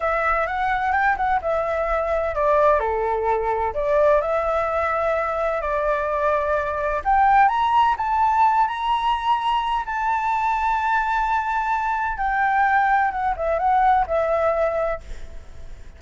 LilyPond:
\new Staff \with { instrumentName = "flute" } { \time 4/4 \tempo 4 = 128 e''4 fis''4 g''8 fis''8 e''4~ | e''4 d''4 a'2 | d''4 e''2. | d''2. g''4 |
ais''4 a''4. ais''4.~ | ais''4 a''2.~ | a''2 g''2 | fis''8 e''8 fis''4 e''2 | }